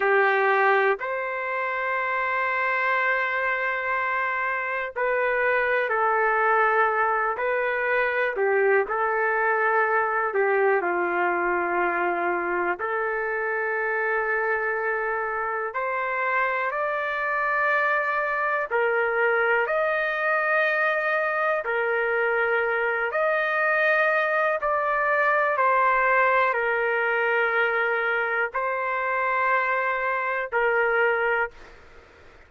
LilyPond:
\new Staff \with { instrumentName = "trumpet" } { \time 4/4 \tempo 4 = 61 g'4 c''2.~ | c''4 b'4 a'4. b'8~ | b'8 g'8 a'4. g'8 f'4~ | f'4 a'2. |
c''4 d''2 ais'4 | dis''2 ais'4. dis''8~ | dis''4 d''4 c''4 ais'4~ | ais'4 c''2 ais'4 | }